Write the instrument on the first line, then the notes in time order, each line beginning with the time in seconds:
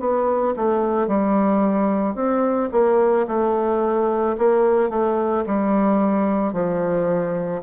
bassoon
0.00 B3
0.57 A3
1.08 G3
2.15 C4
2.72 A#3
3.28 A3
4.38 A#3
4.90 A3
5.46 G3
6.54 F3